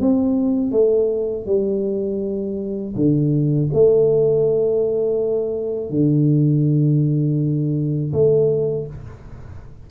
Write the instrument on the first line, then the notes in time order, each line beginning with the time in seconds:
tuba
0.00 C4
0.72 A3
1.46 G3
2.96 D3
3.73 A3
5.90 D3
8.13 A3